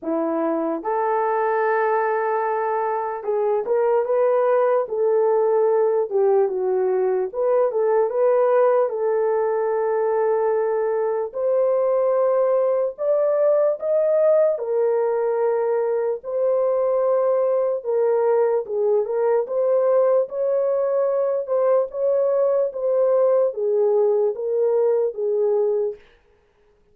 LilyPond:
\new Staff \with { instrumentName = "horn" } { \time 4/4 \tempo 4 = 74 e'4 a'2. | gis'8 ais'8 b'4 a'4. g'8 | fis'4 b'8 a'8 b'4 a'4~ | a'2 c''2 |
d''4 dis''4 ais'2 | c''2 ais'4 gis'8 ais'8 | c''4 cis''4. c''8 cis''4 | c''4 gis'4 ais'4 gis'4 | }